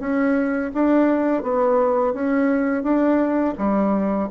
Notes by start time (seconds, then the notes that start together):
0.00 C#4
0.74 D4
1.43 B3
2.14 C#4
2.83 D4
3.58 G3